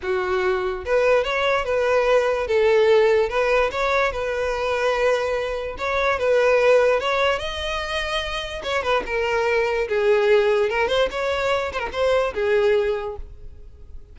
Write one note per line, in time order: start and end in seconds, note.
0.02 0.84 F#4
0.85 1.24 B4
1.24 1.65 C#5
1.65 2.47 B4
2.47 3.29 A4
3.29 3.70 B4
3.71 4.12 C#5
4.12 5.76 B4
5.78 6.18 C#5
6.18 7.00 B4
7.00 7.39 C#5
7.39 8.62 D#5
8.63 8.82 C#5
8.82 9.03 B4
9.06 9.88 A#4
9.88 10.69 G#4
10.69 10.88 A#4
10.88 11.08 C5
11.10 11.72 C#5
11.72 11.79 C5
11.79 11.89 A#4
11.92 12.33 C5
12.34 13.16 G#4